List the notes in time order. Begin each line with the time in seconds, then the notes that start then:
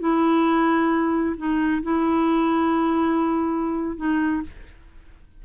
0.00 E4
1.37 D#4
1.83 E4
3.97 D#4